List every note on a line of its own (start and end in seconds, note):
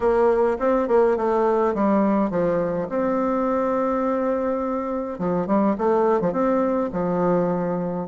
0.00 0.57 A#3
0.59 0.88 C4
0.88 1.17 A#3
1.17 1.74 A3
1.74 2.30 G3
2.30 2.88 F3
2.89 5.18 C4
5.18 5.47 F3
5.47 5.75 G3
5.77 6.20 A3
6.20 6.32 F3
6.32 6.89 C4
6.92 8.07 F3